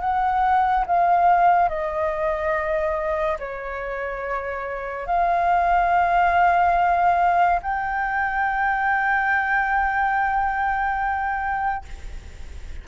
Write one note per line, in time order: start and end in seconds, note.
0.00 0.85 F#5
0.86 1.68 F5
1.68 3.37 D#5
3.39 5.06 C#5
5.06 7.59 F5
7.62 11.85 G5